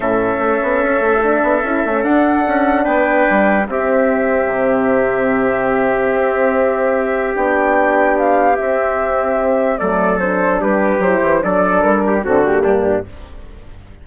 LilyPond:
<<
  \new Staff \with { instrumentName = "flute" } { \time 4/4 \tempo 4 = 147 e''1~ | e''4 fis''2 g''4~ | g''4 e''2.~ | e''1~ |
e''2 g''2 | f''4 e''2. | d''4 c''4 b'4 c''4 | d''4 ais'4 a'8 g'4. | }
  \new Staff \with { instrumentName = "trumpet" } { \time 4/4 a'1~ | a'2. b'4~ | b'4 g'2.~ | g'1~ |
g'1~ | g'1 | a'2 g'2 | a'4. g'8 fis'4 d'4 | }
  \new Staff \with { instrumentName = "horn" } { \time 4/4 cis'2. d'4 | e'8 cis'8 d'2.~ | d'4 c'2.~ | c'1~ |
c'2 d'2~ | d'4 c'2. | a4 d'2 e'4 | d'2 c'8 ais4. | }
  \new Staff \with { instrumentName = "bassoon" } { \time 4/4 a,4 a8 b8 cis'8 a4 b8 | cis'8 a8 d'4 cis'4 b4 | g4 c'2 c4~ | c2. c'4~ |
c'2 b2~ | b4 c'2. | fis2 g4 fis8 e8 | fis4 g4 d4 g,4 | }
>>